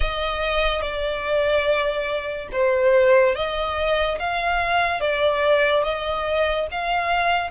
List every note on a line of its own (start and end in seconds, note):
0.00 0.81 D#5
0.81 2.48 D5
2.52 3.35 C5
3.35 4.18 D#5
4.19 5.00 F5
5.00 5.83 D5
5.83 6.67 D#5
6.71 7.50 F5